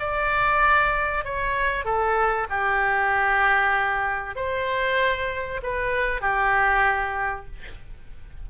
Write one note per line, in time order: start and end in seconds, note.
0.00 1.25 D5
1.25 1.85 C#5
1.85 2.48 A4
2.50 4.36 G4
4.36 5.61 C5
5.63 6.22 B4
6.22 7.47 G4